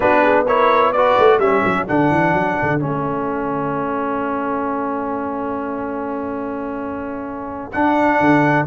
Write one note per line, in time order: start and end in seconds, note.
0.00 1.17 B3
0.00 0.46 D4
0.00 0.22 F#4
0.00 0.45 B4
0.22 0.45 G#4
0.46 0.94 E4
0.46 0.93 A#4
0.46 0.92 C#5
0.92 1.41 F#4
0.92 1.38 B4
0.92 1.39 D5
1.18 1.38 A3
1.38 1.62 G3
1.38 1.87 C#4
1.38 8.65 A4
1.38 1.86 E5
1.64 1.88 F#3
1.87 2.10 D3
1.87 2.79 D4
1.87 2.81 F#5
2.10 2.33 E3
2.33 2.57 F#3
2.62 2.83 D3
2.79 7.74 A3
2.79 7.71 C#4
2.79 7.72 E5
7.72 8.19 D4
7.72 8.67 D4
7.72 8.66 F#5
8.19 8.66 D3